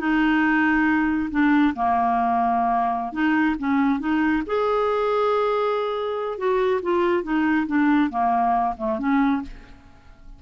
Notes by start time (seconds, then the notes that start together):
0.00 D#4
1.31 D4
1.75 A#3
3.13 D#4
3.59 C#4
3.99 D#4
4.46 G#4
6.38 F#4
6.82 F4
7.23 D#4
7.67 D4
8.10 A#3
8.77 A3
8.99 C#4